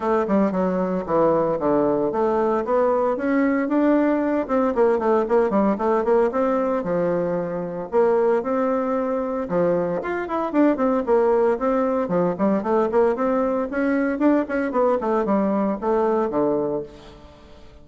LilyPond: \new Staff \with { instrumentName = "bassoon" } { \time 4/4 \tempo 4 = 114 a8 g8 fis4 e4 d4 | a4 b4 cis'4 d'4~ | d'8 c'8 ais8 a8 ais8 g8 a8 ais8 | c'4 f2 ais4 |
c'2 f4 f'8 e'8 | d'8 c'8 ais4 c'4 f8 g8 | a8 ais8 c'4 cis'4 d'8 cis'8 | b8 a8 g4 a4 d4 | }